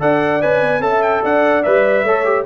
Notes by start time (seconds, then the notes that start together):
0.00 D4 A4 D5 F#5
0.42 C#4 B4 G#5
0.62 B3
0.80 C#4 A4 E5 A5
1.02 G5
1.23 D4 D5 F#5
1.63 G3 B4 E5
2.04 A3 A4 C#5
2.25 G4